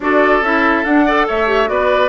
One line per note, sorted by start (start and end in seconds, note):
0.00 0.41 D4
0.00 0.43 F#4
0.00 1.05 A4
0.00 0.43 D5
0.41 0.83 C#4
0.41 0.85 E4
0.41 0.84 E5
0.84 1.27 D4
0.84 1.07 D4
0.84 1.26 F#5
1.05 1.46 A4
1.05 1.26 D5
1.27 1.69 A3
1.27 1.69 C#5
1.27 1.68 E5
1.46 1.65 G4
1.65 2.09 B3
1.65 2.07 F#4
1.65 2.09 B4
1.65 2.09 D5